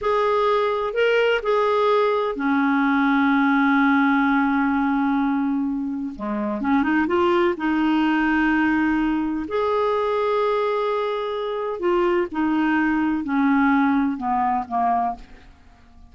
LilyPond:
\new Staff \with { instrumentName = "clarinet" } { \time 4/4 \tempo 4 = 127 gis'2 ais'4 gis'4~ | gis'4 cis'2.~ | cis'1~ | cis'4 gis4 cis'8 dis'8 f'4 |
dis'1 | gis'1~ | gis'4 f'4 dis'2 | cis'2 b4 ais4 | }